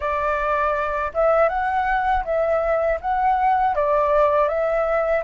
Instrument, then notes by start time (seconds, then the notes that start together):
flute
0.00 D5
1.14 E5
1.49 F#5
2.24 E5
3.00 F#5
3.75 D5
4.48 E5